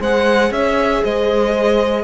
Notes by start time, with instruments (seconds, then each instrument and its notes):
0.00 cello G#3, viola G#4, horn C5, violin F#5
0.51 cello C#4, horn C#5, violin E5
1.03 cello G#3, horn C5, violin D#5